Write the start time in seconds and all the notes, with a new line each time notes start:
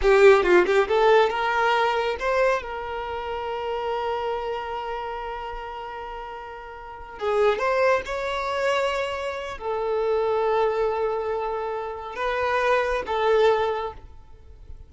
0.01 G4
0.43 F4
0.66 G4
0.88 A4
1.29 A#4
2.19 C5
2.62 A#4
7.19 G#4
7.58 C5
8.05 C#5
9.58 A4
12.15 B4
13.06 A4